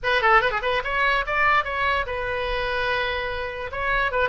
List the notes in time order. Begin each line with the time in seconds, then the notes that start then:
0.03 B4
0.21 A4
0.41 B4
0.50 G#4
0.62 B4
0.84 C#5
1.26 D5
1.64 C#5
2.06 B4
3.71 C#5
4.11 B4